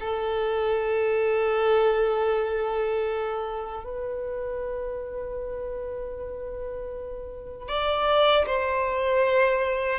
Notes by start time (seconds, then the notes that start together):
0.00 A4
3.84 B4
7.69 D5
8.46 C5